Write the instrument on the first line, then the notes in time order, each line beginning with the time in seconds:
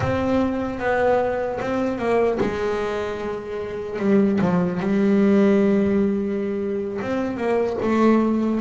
double bass
0.00 C4
0.79 B3
1.60 C4
1.98 A#3
2.40 G#3
3.99 G3
4.41 F3
4.80 G3
7.01 C4
7.37 A#3
7.81 A3